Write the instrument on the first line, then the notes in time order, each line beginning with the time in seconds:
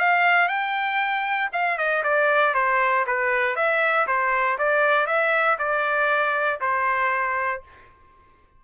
trumpet
0.00 F5
0.49 G5
1.53 F5
1.78 D#5
2.04 D5
2.55 C5
3.07 B4
3.56 E5
4.07 C5
4.59 D5
5.07 E5
5.59 D5
6.61 C5